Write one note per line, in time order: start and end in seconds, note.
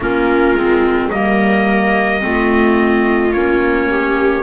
0.00 0.54 A#3
0.00 0.56 C#4
0.00 1.11 F4
0.00 1.10 A#4
0.54 1.09 G#3
0.54 1.12 C4
1.10 2.23 G3
1.10 2.20 A#3
1.10 2.22 A#4
1.10 3.32 D#5
2.20 3.34 A3
2.20 3.31 C4
2.20 3.89 F4
3.32 4.43 A#3
3.32 4.43 C#4
3.32 4.43 C#5
3.89 4.43 G4